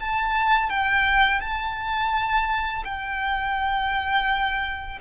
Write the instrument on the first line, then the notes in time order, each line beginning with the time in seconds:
violin
0.00 A5
0.69 G5
1.40 A5
2.84 G5